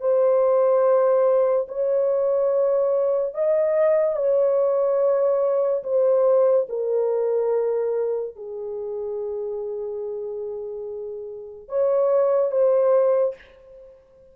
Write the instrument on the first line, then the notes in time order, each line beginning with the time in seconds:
horn
0.00 C5
1.68 C#5
3.34 D#5
4.16 C#5
5.84 C5
6.69 A#4
8.36 G#4
11.69 C#5
12.52 C5